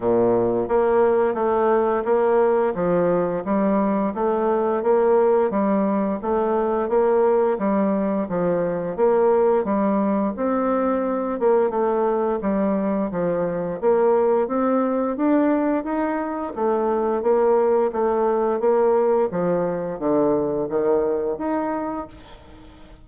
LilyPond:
\new Staff \with { instrumentName = "bassoon" } { \time 4/4 \tempo 4 = 87 ais,4 ais4 a4 ais4 | f4 g4 a4 ais4 | g4 a4 ais4 g4 | f4 ais4 g4 c'4~ |
c'8 ais8 a4 g4 f4 | ais4 c'4 d'4 dis'4 | a4 ais4 a4 ais4 | f4 d4 dis4 dis'4 | }